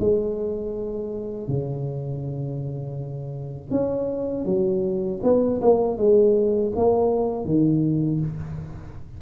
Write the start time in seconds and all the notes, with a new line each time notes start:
0.00 G#3
1.48 C#3
3.71 C#4
4.45 F#3
5.23 B3
5.61 A#3
5.98 G#3
6.76 A#3
7.45 D#3